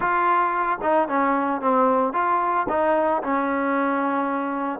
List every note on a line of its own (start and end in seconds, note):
0.00 0.79 F4
0.82 1.08 D#4
1.08 1.61 C#4
1.61 2.13 C4
2.13 2.66 F4
2.69 3.22 D#4
3.22 4.79 C#4